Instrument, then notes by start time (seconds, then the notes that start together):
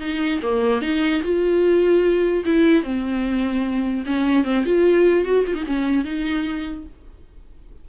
viola
0.00 D#4
0.42 A#3
0.81 D#4
1.23 F4
2.45 E4
2.83 C4
4.06 C#4
4.44 C4
4.65 F4
5.24 F#4
5.46 F4
5.54 D#4
5.66 C#4
6.04 D#4